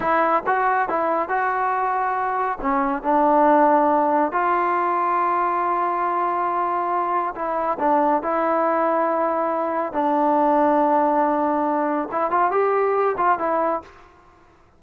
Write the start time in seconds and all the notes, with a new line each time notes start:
0.00 E4
0.46 F#4
0.88 E4
1.29 F#4
2.61 C#4
3.02 D4
4.32 F4
7.35 E4
7.79 D4
8.22 E4
9.93 D4
12.11 E4
12.30 F4
12.51 G4
13.17 F4
13.38 E4